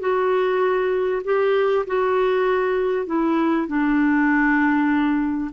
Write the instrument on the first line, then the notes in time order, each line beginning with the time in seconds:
clarinet
0.00 F#4
1.24 G4
1.87 F#4
3.07 E4
3.67 D4